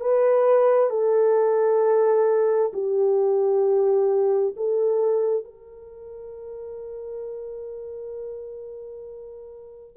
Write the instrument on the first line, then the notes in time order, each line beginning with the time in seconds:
horn
0.00 B4
0.90 A4
2.73 G4
4.56 A4
5.44 A#4